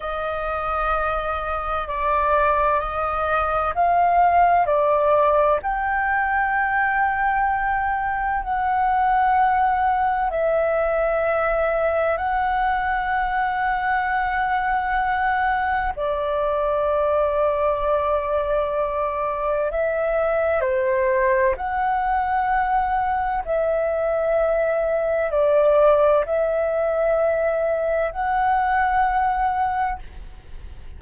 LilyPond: \new Staff \with { instrumentName = "flute" } { \time 4/4 \tempo 4 = 64 dis''2 d''4 dis''4 | f''4 d''4 g''2~ | g''4 fis''2 e''4~ | e''4 fis''2.~ |
fis''4 d''2.~ | d''4 e''4 c''4 fis''4~ | fis''4 e''2 d''4 | e''2 fis''2 | }